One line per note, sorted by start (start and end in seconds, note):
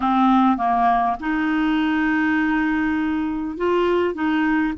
0.00 0.57 C4
0.57 1.16 A#3
1.19 3.57 D#4
3.57 4.14 F4
4.14 4.73 D#4